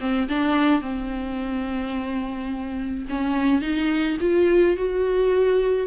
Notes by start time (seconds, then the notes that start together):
0.00 C4
0.28 D4
0.81 C4
3.09 C#4
3.61 D#4
4.20 F4
4.76 F#4